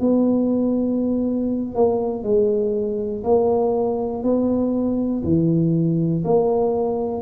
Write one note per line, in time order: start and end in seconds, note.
0.00 1.75 B3
1.75 2.23 A#3
2.23 3.23 G#3
3.24 4.24 A#3
4.24 5.24 B3
5.24 6.24 E3
6.25 7.22 A#3